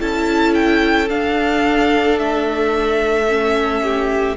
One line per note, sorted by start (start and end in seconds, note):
0.00 1.10 C#4
0.00 1.09 E4
0.00 3.82 A4
0.00 0.55 A5
0.55 1.09 G5
1.09 3.27 D4
1.09 2.19 D4
1.09 2.18 F5
2.18 4.37 A3
2.18 4.37 E5
3.28 4.37 C#4
3.83 4.37 G4